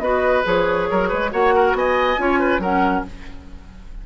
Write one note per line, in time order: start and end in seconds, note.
0.00 0.43 B3
0.00 0.44 F#4
0.00 0.89 B4
0.00 0.44 D#5
0.44 0.89 F3
0.44 1.30 G#4
0.44 1.32 C#5
0.90 1.13 F#3
0.90 1.09 A#4
1.09 1.33 G#3
1.09 1.30 B4
1.31 1.74 A#3
1.31 2.17 F#4
1.31 1.54 C#5
1.31 1.76 F#5
1.55 1.77 A#4
1.74 2.17 B3
1.74 2.21 D#5
1.74 2.62 G#5
2.17 2.59 C#4
2.17 2.60 F4
2.17 2.40 C#5
2.40 2.61 B4
2.59 3.02 F#3
2.59 3.07 C#4
2.59 3.05 A#4
2.59 3.05 F#5